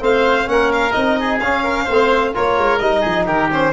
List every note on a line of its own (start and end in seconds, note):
0.00 0.47 A3
0.00 0.45 C4
0.00 0.49 C5
0.00 0.49 F5
0.45 0.94 A#3
0.45 0.91 C#4
0.45 0.72 F#5
0.52 1.20 A#4
0.73 0.92 F5
0.92 1.40 C4
0.92 1.39 D#4
0.92 1.39 D#5
1.20 1.64 G#4
1.40 1.87 C#4
1.40 1.89 C#4
1.40 2.33 F5
1.64 1.84 A#4
1.84 2.35 A3
1.84 2.31 C5
1.91 2.34 C4
2.34 2.58 A#3
2.34 2.81 F4
2.34 3.00 A#4
2.34 2.79 C#5
2.58 2.81 G#3
2.79 3.04 G3
2.79 3.51 D#4
2.79 3.26 D#5
3.00 3.27 F3
3.00 3.24 G#4
3.26 3.73 D#3
3.26 3.73 G4
3.26 3.51 A#4
3.52 3.73 C#4
3.52 3.73 C5